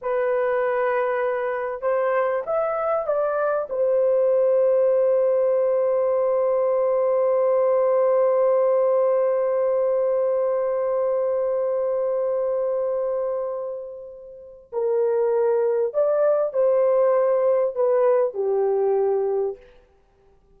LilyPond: \new Staff \with { instrumentName = "horn" } { \time 4/4 \tempo 4 = 98 b'2. c''4 | e''4 d''4 c''2~ | c''1~ | c''1~ |
c''1~ | c''1 | ais'2 d''4 c''4~ | c''4 b'4 g'2 | }